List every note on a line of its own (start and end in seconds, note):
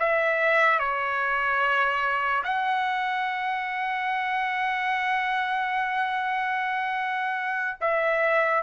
0.00 0.79 E5
0.79 2.44 C#5
2.44 7.78 F#5
7.81 8.63 E5